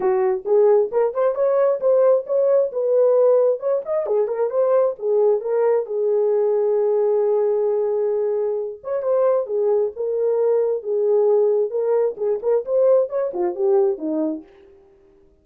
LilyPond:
\new Staff \with { instrumentName = "horn" } { \time 4/4 \tempo 4 = 133 fis'4 gis'4 ais'8 c''8 cis''4 | c''4 cis''4 b'2 | cis''8 dis''8 gis'8 ais'8 c''4 gis'4 | ais'4 gis'2.~ |
gis'2.~ gis'8 cis''8 | c''4 gis'4 ais'2 | gis'2 ais'4 gis'8 ais'8 | c''4 cis''8 f'8 g'4 dis'4 | }